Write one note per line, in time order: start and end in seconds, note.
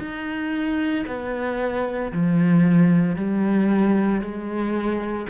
0.00 1.05 D#4
1.07 2.12 B3
2.13 3.16 F3
3.16 4.22 G3
4.22 5.27 G#3